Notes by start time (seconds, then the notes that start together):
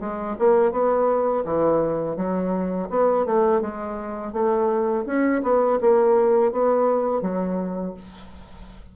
0.00 G#3
0.38 A#3
0.71 B3
1.45 E3
2.17 F#3
2.89 B3
3.26 A3
3.61 G#3
4.32 A3
5.06 C#4
5.43 B3
5.81 A#3
6.52 B3
7.22 F#3